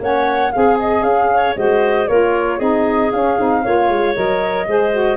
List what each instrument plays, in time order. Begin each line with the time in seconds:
0.00 tuba A#3, saxophone C#4, clarinet C#5, flute F#5
0.52 tuba C4, clarinet G#4, saxophone G#4, flute F5
0.80 flute D#5
1.03 tuba C#4, flute F5
1.34 clarinet C#5
1.55 tuba G#3, saxophone F#4, clarinet C5, flute D#5
2.08 tuba A#3, saxophone F4, clarinet A#4, flute C#5
2.58 tuba C4, saxophone D#4, clarinet G#4, flute D#5
3.12 tuba C#4, saxophone C#4, flute F5
3.39 tuba C4, saxophone D#4
3.64 tuba A#3, saxophone F4, clarinet C#5
3.89 tuba G#3
4.15 tuba F#3, saxophone A#4, flute D#5
4.68 tuba G#3, saxophone G#4, clarinet C5
4.92 saxophone F#4